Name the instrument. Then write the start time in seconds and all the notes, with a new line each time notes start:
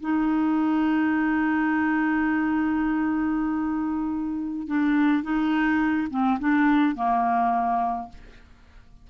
clarinet
0.00 D#4
4.67 D4
5.23 D#4
6.10 C4
6.39 D4
6.95 A#3